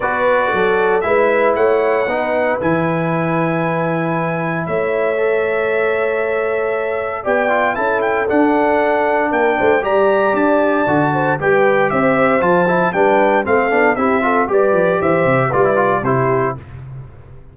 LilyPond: <<
  \new Staff \with { instrumentName = "trumpet" } { \time 4/4 \tempo 4 = 116 d''2 e''4 fis''4~ | fis''4 gis''2.~ | gis''4 e''2.~ | e''2 g''4 a''8 g''8 |
fis''2 g''4 ais''4 | a''2 g''4 e''4 | a''4 g''4 f''4 e''4 | d''4 e''4 d''4 c''4 | }
  \new Staff \with { instrumentName = "horn" } { \time 4/4 b'4 a'4 b'4 cis''4 | b'1~ | b'4 cis''2.~ | cis''2 d''4 a'4~ |
a'2 ais'8 c''8 d''4~ | d''4. c''8 b'4 c''4~ | c''4 b'4 a'4 g'8 a'8 | b'4 c''4 b'4 g'4 | }
  \new Staff \with { instrumentName = "trombone" } { \time 4/4 fis'2 e'2 | dis'4 e'2.~ | e'2 a'2~ | a'2 g'8 f'8 e'4 |
d'2. g'4~ | g'4 fis'4 g'2 | f'8 e'8 d'4 c'8 d'8 e'8 f'8 | g'2 f'16 e'16 f'8 e'4 | }
  \new Staff \with { instrumentName = "tuba" } { \time 4/4 b4 fis4 gis4 a4 | b4 e2.~ | e4 a2.~ | a2 b4 cis'4 |
d'2 ais8 a8 g4 | d'4 d4 g4 c'4 | f4 g4 a8 b8 c'4 | g8 f8 e8 c8 g4 c4 | }
>>